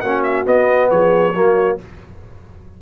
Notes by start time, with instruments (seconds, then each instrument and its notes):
0.00 tuba A#3, trombone C#4, horn F#4, trumpet F#5
0.23 trumpet E5
0.45 trombone B3, tuba B3, trumpet D#5
0.90 tuba F3, horn G#4, trumpet C#5
1.34 tuba F#3, trombone A#3, horn F#4